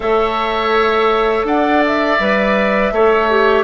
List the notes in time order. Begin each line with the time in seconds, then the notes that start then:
0.00 A3 A4 C#5 E5
1.44 D4 D5 F#5
1.86 E5
2.19 G3 B4
2.91 A3 A4 C#5
3.30 G4